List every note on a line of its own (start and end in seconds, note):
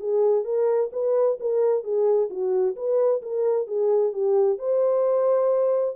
0.00 0.45 G#4
0.45 0.90 A#4
0.93 1.39 B4
1.40 1.84 A#4
1.84 2.29 G#4
2.30 2.76 F#4
2.76 3.22 B4
3.22 3.67 A#4
3.67 4.13 G#4
4.13 4.58 G4
4.58 5.96 C5